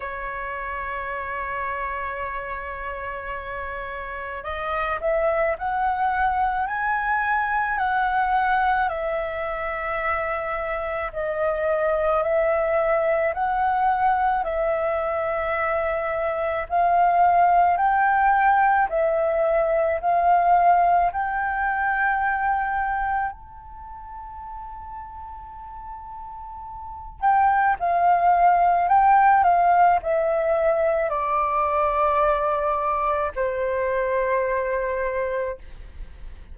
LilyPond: \new Staff \with { instrumentName = "flute" } { \time 4/4 \tempo 4 = 54 cis''1 | dis''8 e''8 fis''4 gis''4 fis''4 | e''2 dis''4 e''4 | fis''4 e''2 f''4 |
g''4 e''4 f''4 g''4~ | g''4 a''2.~ | a''8 g''8 f''4 g''8 f''8 e''4 | d''2 c''2 | }